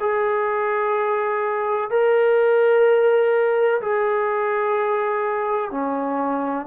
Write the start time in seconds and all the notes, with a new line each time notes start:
0.00 G#4
1.90 A#4
3.81 G#4
5.71 C#4